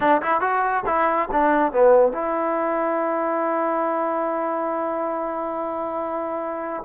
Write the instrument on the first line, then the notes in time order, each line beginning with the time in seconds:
trombone
0.00 D4
0.22 E4
0.41 F#4
0.86 E4
1.31 D4
1.72 B3
2.12 E4